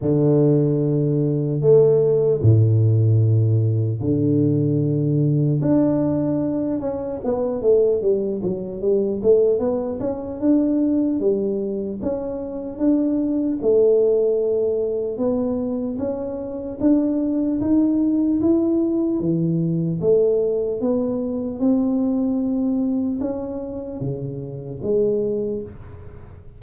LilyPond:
\new Staff \with { instrumentName = "tuba" } { \time 4/4 \tempo 4 = 75 d2 a4 a,4~ | a,4 d2 d'4~ | d'8 cis'8 b8 a8 g8 fis8 g8 a8 | b8 cis'8 d'4 g4 cis'4 |
d'4 a2 b4 | cis'4 d'4 dis'4 e'4 | e4 a4 b4 c'4~ | c'4 cis'4 cis4 gis4 | }